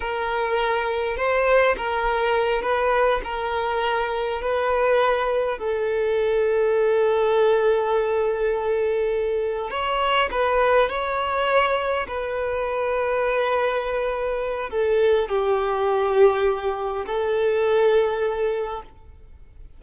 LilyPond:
\new Staff \with { instrumentName = "violin" } { \time 4/4 \tempo 4 = 102 ais'2 c''4 ais'4~ | ais'8 b'4 ais'2 b'8~ | b'4. a'2~ a'8~ | a'1~ |
a'8 cis''4 b'4 cis''4.~ | cis''8 b'2.~ b'8~ | b'4 a'4 g'2~ | g'4 a'2. | }